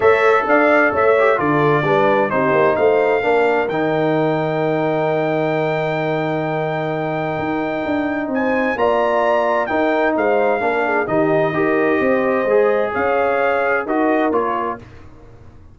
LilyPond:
<<
  \new Staff \with { instrumentName = "trumpet" } { \time 4/4 \tempo 4 = 130 e''4 f''4 e''4 d''4~ | d''4 c''4 f''2 | g''1~ | g''1~ |
g''2 gis''4 ais''4~ | ais''4 g''4 f''2 | dis''1 | f''2 dis''4 cis''4 | }
  \new Staff \with { instrumentName = "horn" } { \time 4/4 cis''4 d''4 cis''4 a'4 | b'4 g'4 c''4 ais'4~ | ais'1~ | ais'1~ |
ais'2 c''4 d''4~ | d''4 ais'4 c''4 ais'8 gis'8 | g'4 ais'4 c''2 | cis''2 ais'2 | }
  \new Staff \with { instrumentName = "trombone" } { \time 4/4 a'2~ a'8 g'8 f'4 | d'4 dis'2 d'4 | dis'1~ | dis'1~ |
dis'2. f'4~ | f'4 dis'2 d'4 | dis'4 g'2 gis'4~ | gis'2 fis'4 f'4 | }
  \new Staff \with { instrumentName = "tuba" } { \time 4/4 a4 d'4 a4 d4 | g4 c'8 ais8 a4 ais4 | dis1~ | dis1 |
dis'4 d'4 c'4 ais4~ | ais4 dis'4 gis4 ais4 | dis4 dis'4 c'4 gis4 | cis'2 dis'4 ais4 | }
>>